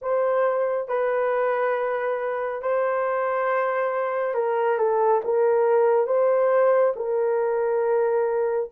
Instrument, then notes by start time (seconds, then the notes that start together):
horn
0.01 C5
0.88 B4
2.62 C5
4.34 A#4
4.77 A4
5.24 A#4
6.06 C5
6.96 A#4